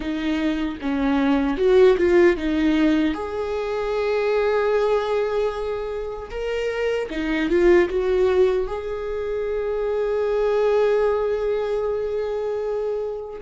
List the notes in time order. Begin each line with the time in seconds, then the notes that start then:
0.00 D#4
0.81 C#4
1.57 F#4
1.97 F4
2.36 D#4
3.14 G#4
6.30 A#4
7.10 D#4
7.49 F4
7.89 F#4
8.67 G#4